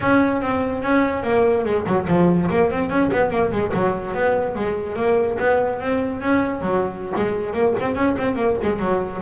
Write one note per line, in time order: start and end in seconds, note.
0.00 0.41 C#4
0.41 0.83 C4
0.83 1.23 C#4
1.23 1.64 A#3
1.64 1.85 G#3
1.86 2.07 F#3
2.07 2.48 F3
2.50 2.70 A#3
2.70 2.89 C4
2.89 3.10 C#4
3.11 3.30 B3
3.30 3.51 A#3
3.51 3.72 G#3
3.73 4.14 F#3
4.14 4.55 B3
4.55 4.96 G#3
4.96 5.37 A#3
5.38 5.80 B3
5.80 6.21 C4
6.21 6.61 C#4
6.61 7.12 F#3
7.15 7.53 G#3
7.53 7.74 A#3
7.80 7.95 C4
7.95 8.16 C#4
8.17 8.35 C4
8.35 8.56 A#3
8.62 8.79 G#3
8.79 9.20 F#3